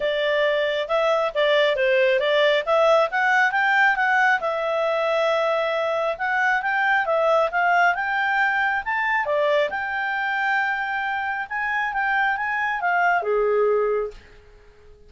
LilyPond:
\new Staff \with { instrumentName = "clarinet" } { \time 4/4 \tempo 4 = 136 d''2 e''4 d''4 | c''4 d''4 e''4 fis''4 | g''4 fis''4 e''2~ | e''2 fis''4 g''4 |
e''4 f''4 g''2 | a''4 d''4 g''2~ | g''2 gis''4 g''4 | gis''4 f''4 gis'2 | }